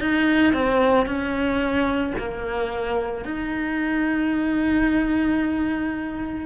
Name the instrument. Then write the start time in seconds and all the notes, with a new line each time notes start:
cello
0.00 D#4
0.53 C4
1.06 C#4
2.18 A#3
3.24 D#4